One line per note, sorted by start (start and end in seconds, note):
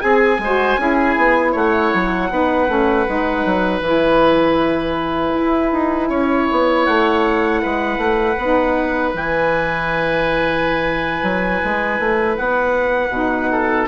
0.00 0.38 C4
0.00 0.39 G#4
0.00 0.41 G#4
0.00 1.52 G#5
0.38 0.76 G#3
0.38 0.80 C5
0.45 0.78 F#4
0.77 1.15 C#4
0.77 2.29 E4
0.77 1.52 G#4
1.17 1.54 B3
1.52 1.92 A3
1.52 2.28 C#5
1.52 3.82 F#5
1.93 2.30 F#3
2.30 2.68 B3
2.30 2.68 D#4
2.30 6.09 B4
2.68 3.06 A3
2.68 3.06 C#4
3.06 3.45 G#3
3.06 3.81 D#4
3.45 3.81 F#3
3.81 5.32 E3
3.81 8.37 E4
3.81 6.85 G#5
5.34 5.72 E4
5.72 6.09 D#4
6.09 6.47 C#4
6.09 7.61 C#5
6.51 6.87 B3
6.85 7.63 A3
6.85 9.13 F#5
7.62 7.97 G#3
7.62 13.50 B4
7.97 8.35 A3
8.38 9.13 B3
8.38 9.15 D#4
9.13 11.22 E3
9.13 13.12 E4
9.13 12.37 G#5
11.22 11.60 F#3
11.64 11.99 G#3
11.99 12.37 A3
12.37 13.09 B3
12.37 13.87 F#5
13.09 13.85 B2
13.09 13.87 D#4
13.51 13.87 A4